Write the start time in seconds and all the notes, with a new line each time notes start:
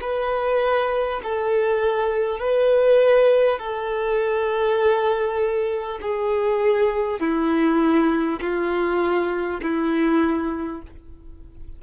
0.00 B4
1.23 A4
2.39 B4
3.58 A4
6.01 G#4
7.19 E4
8.40 F4
9.62 E4